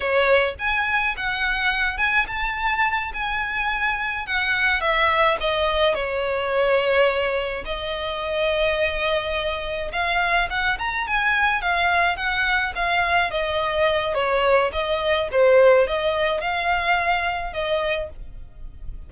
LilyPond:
\new Staff \with { instrumentName = "violin" } { \time 4/4 \tempo 4 = 106 cis''4 gis''4 fis''4. gis''8 | a''4. gis''2 fis''8~ | fis''8 e''4 dis''4 cis''4.~ | cis''4. dis''2~ dis''8~ |
dis''4. f''4 fis''8 ais''8 gis''8~ | gis''8 f''4 fis''4 f''4 dis''8~ | dis''4 cis''4 dis''4 c''4 | dis''4 f''2 dis''4 | }